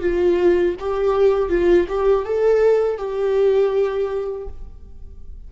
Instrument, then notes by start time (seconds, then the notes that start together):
viola
0.00 F4
0.79 G4
1.49 F4
1.88 G4
2.25 A4
2.97 G4